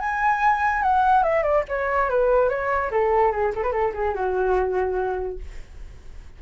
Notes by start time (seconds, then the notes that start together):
0.00 G#5
0.83 F#5
1.24 E5
1.43 D5
1.69 C#5
2.10 B4
2.50 C#5
2.92 A4
3.32 G#4
3.55 A4
3.63 B4
3.72 A4
3.94 G#4
4.15 F#4